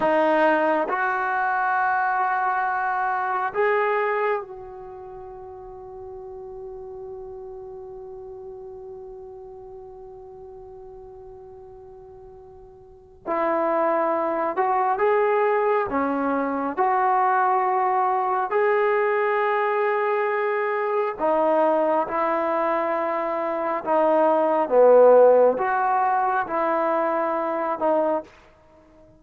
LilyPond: \new Staff \with { instrumentName = "trombone" } { \time 4/4 \tempo 4 = 68 dis'4 fis'2. | gis'4 fis'2.~ | fis'1~ | fis'2. e'4~ |
e'8 fis'8 gis'4 cis'4 fis'4~ | fis'4 gis'2. | dis'4 e'2 dis'4 | b4 fis'4 e'4. dis'8 | }